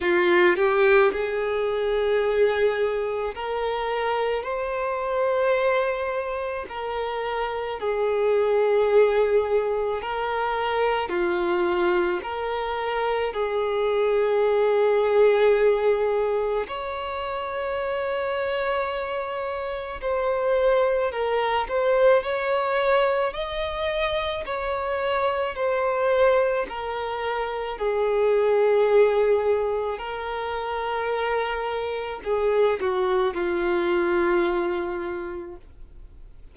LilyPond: \new Staff \with { instrumentName = "violin" } { \time 4/4 \tempo 4 = 54 f'8 g'8 gis'2 ais'4 | c''2 ais'4 gis'4~ | gis'4 ais'4 f'4 ais'4 | gis'2. cis''4~ |
cis''2 c''4 ais'8 c''8 | cis''4 dis''4 cis''4 c''4 | ais'4 gis'2 ais'4~ | ais'4 gis'8 fis'8 f'2 | }